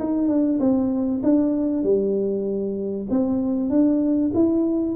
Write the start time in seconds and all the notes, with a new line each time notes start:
0.00 D#4
0.28 D4
0.60 C4
1.24 D4
1.84 G3
3.10 C4
3.70 D4
4.34 E4